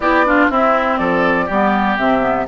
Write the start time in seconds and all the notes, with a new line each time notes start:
0.00 B3 E4 G4 D5
0.26 D4 F4
0.49 C4 E4 E5
0.97 F3 A4 D5
1.45 G3 B3 G4
1.97 C3 C4 E5
2.20 B3